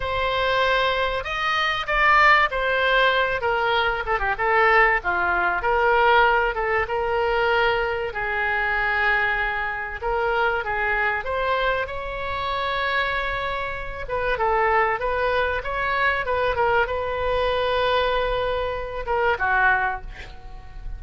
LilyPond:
\new Staff \with { instrumentName = "oboe" } { \time 4/4 \tempo 4 = 96 c''2 dis''4 d''4 | c''4. ais'4 a'16 g'16 a'4 | f'4 ais'4. a'8 ais'4~ | ais'4 gis'2. |
ais'4 gis'4 c''4 cis''4~ | cis''2~ cis''8 b'8 a'4 | b'4 cis''4 b'8 ais'8 b'4~ | b'2~ b'8 ais'8 fis'4 | }